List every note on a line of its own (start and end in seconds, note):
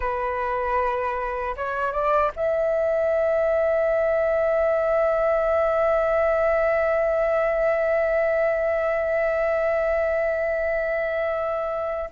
0.00 1.55 B4
1.56 1.92 C#5
1.92 2.31 D5
2.36 12.10 E5